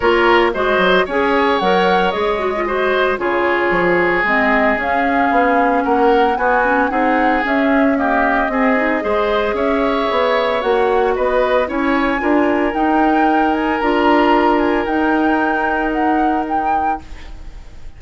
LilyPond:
<<
  \new Staff \with { instrumentName = "flute" } { \time 4/4 \tempo 4 = 113 cis''4 dis''4 gis''4 fis''4 | dis''2 cis''2 | dis''4 f''2 fis''4 | gis''4 fis''4 e''4 dis''4~ |
dis''2 e''2 | fis''4 dis''4 gis''2 | g''4. gis''8 ais''4. gis''8 | g''2 fis''4 g''4 | }
  \new Staff \with { instrumentName = "oboe" } { \time 4/4 ais'4 c''4 cis''2~ | cis''4 c''4 gis'2~ | gis'2. ais'4 | fis'4 gis'2 g'4 |
gis'4 c''4 cis''2~ | cis''4 b'4 cis''4 ais'4~ | ais'1~ | ais'1 | }
  \new Staff \with { instrumentName = "clarinet" } { \time 4/4 f'4 fis'4 gis'4 ais'4 | gis'8 fis'16 f'16 fis'4 f'2 | c'4 cis'2. | b8 cis'8 dis'4 cis'4 ais4 |
c'8 dis'8 gis'2. | fis'2 e'4 f'4 | dis'2 f'2 | dis'1 | }
  \new Staff \with { instrumentName = "bassoon" } { \time 4/4 ais4 gis8 fis8 cis'4 fis4 | gis2 cis4 f4 | gis4 cis'4 b4 ais4 | b4 c'4 cis'2 |
c'4 gis4 cis'4 b4 | ais4 b4 cis'4 d'4 | dis'2 d'2 | dis'1 | }
>>